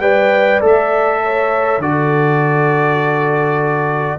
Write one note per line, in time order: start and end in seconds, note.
0.00 0.59 G3
0.00 0.61 B4
0.00 1.20 D5
0.00 0.61 G5
0.61 1.78 A3
0.61 1.80 A4
0.61 1.82 E5
1.23 1.82 C#5
1.78 4.16 D3
1.78 4.19 F#4
1.78 4.19 A4
1.78 4.19 D5